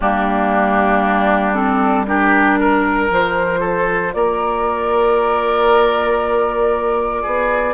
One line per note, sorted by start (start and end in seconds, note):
0.00 3.10 G3
0.00 1.54 A#3
0.00 2.06 D4
0.00 1.53 G4
1.53 2.05 C4
1.53 2.05 A4
2.06 3.09 D4
2.06 2.59 G4
2.06 3.10 A#4
2.59 3.60 A#4
3.09 4.14 F3
3.09 7.74 F4
3.09 4.13 C5
3.60 4.11 A4
4.13 7.24 A#3
4.13 7.22 A#4
4.13 7.74 D5
7.22 7.74 B3
7.22 7.74 G#4